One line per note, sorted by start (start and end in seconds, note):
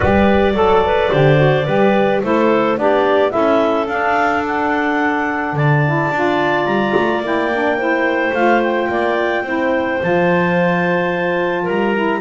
0.00 0.54 G3
0.00 0.54 G4
0.00 0.54 B4
0.00 2.21 D5
0.54 1.09 F#3
0.54 0.82 A4
0.54 1.11 A4
0.85 1.11 B4
1.11 1.66 D3
1.11 1.36 G4
1.11 1.66 C5
1.36 1.63 F#4
1.66 2.22 G3
1.66 2.22 G4
1.66 2.21 B4
2.22 2.77 A3
2.22 2.76 E4
2.22 2.79 A4
2.22 2.78 C5
2.76 3.33 B3
2.76 3.29 D4
2.76 3.32 G4
2.76 3.31 D5
3.29 3.86 C#4
3.29 3.85 E4
3.29 5.54 A4
3.29 3.86 E5
3.86 5.53 D4
3.86 5.83 D4
3.86 4.43 F5
4.47 5.56 F#5
5.53 6.08 D3
5.53 7.77 D5
5.53 6.66 A5
5.85 6.13 E4
6.11 6.65 D4
6.11 7.23 F4
6.65 6.93 G3
6.65 7.21 A#5
6.96 7.19 A3
7.19 8.31 A#3
7.19 7.51 E4
7.26 8.34 G5
7.53 7.79 D4
7.77 8.34 E4
7.77 8.89 C5
8.32 8.87 A3
8.32 9.44 F4
8.32 8.61 F5
8.62 10.01 G5
8.88 9.42 A#3
8.88 9.44 D5
9.42 9.98 C4
9.42 10.00 E4
9.42 11.63 C5
10.00 11.67 F3
10.00 11.95 F4
10.00 11.69 A5
11.63 12.20 G3
11.63 12.19 A#4
11.63 12.20 A#5
11.95 12.20 E4